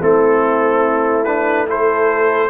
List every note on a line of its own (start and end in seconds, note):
0.00 2.50 A3
0.00 1.25 C4
0.00 1.68 E4
0.00 1.25 A4
1.25 1.68 D4
1.25 1.66 B4
1.68 2.50 E4
1.68 2.50 A4
1.68 2.50 C5